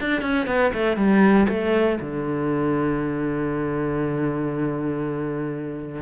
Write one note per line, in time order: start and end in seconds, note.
0.00 0.21 D4
0.21 0.47 C#4
0.47 0.72 B3
0.73 0.96 A3
0.96 1.47 G3
1.48 1.99 A3
2.01 6.02 D3